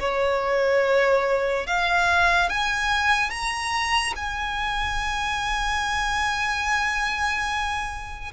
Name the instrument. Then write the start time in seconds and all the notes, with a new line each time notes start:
violin
0.00 C#5
1.67 F5
2.50 G#5
3.30 A#5
4.16 G#5